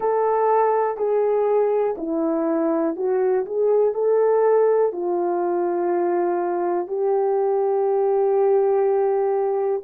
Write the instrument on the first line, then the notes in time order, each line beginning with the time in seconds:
horn
0.00 A4
0.97 G#4
1.97 E4
2.96 F#4
3.45 G#4
3.93 A4
4.92 F4
6.87 G4